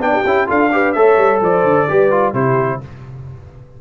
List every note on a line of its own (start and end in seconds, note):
0.00 0.23 B3
0.00 0.24 D4
0.00 0.13 D5
0.00 0.49 G5
0.13 0.48 G4
0.25 0.49 C#4
0.25 0.47 E4
0.47 0.96 D4
0.47 0.70 F4
0.47 0.71 A4
0.47 0.93 F5
0.72 0.96 G4
0.72 0.96 B4
0.93 1.17 A3
0.93 1.89 A4
0.93 1.41 C#5
0.93 1.40 E5
1.17 1.41 G3
1.41 1.64 F3
1.41 1.88 C5
1.41 2.34 D5
1.64 1.87 D3
1.89 2.33 G3
1.89 2.11 G4
1.89 2.33 B4
2.11 2.34 F4
2.33 2.80 C3
2.33 2.81 E4
2.33 2.80 G4
2.33 2.81 C5